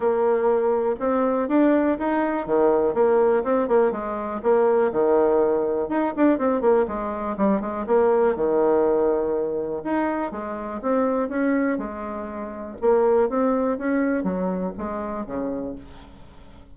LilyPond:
\new Staff \with { instrumentName = "bassoon" } { \time 4/4 \tempo 4 = 122 ais2 c'4 d'4 | dis'4 dis4 ais4 c'8 ais8 | gis4 ais4 dis2 | dis'8 d'8 c'8 ais8 gis4 g8 gis8 |
ais4 dis2. | dis'4 gis4 c'4 cis'4 | gis2 ais4 c'4 | cis'4 fis4 gis4 cis4 | }